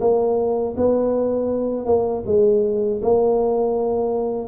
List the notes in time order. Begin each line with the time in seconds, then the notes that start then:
0.00 A#3
0.76 B3
1.86 A#3
2.26 G#3
3.02 A#3